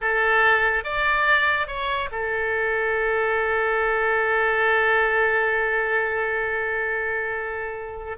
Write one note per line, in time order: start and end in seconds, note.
0.01 0.84 A4
0.84 1.67 D5
1.67 2.09 C#5
2.11 8.17 A4